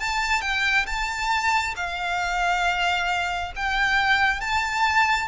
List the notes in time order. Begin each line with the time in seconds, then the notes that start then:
0.00 A5
0.42 G5
0.86 A5
1.76 F5
3.56 G5
4.41 A5